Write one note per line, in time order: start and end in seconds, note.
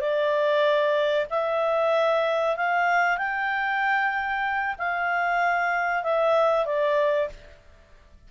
0.00 1.26 D5
1.30 2.56 E5
2.56 3.17 F5
3.17 4.75 G5
4.78 6.03 F5
6.03 6.65 E5
6.65 7.29 D5